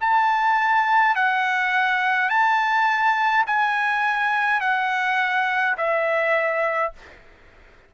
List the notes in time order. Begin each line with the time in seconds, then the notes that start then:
0.00 A5
1.15 F#5
2.29 A5
3.46 G#5
4.60 F#5
5.77 E5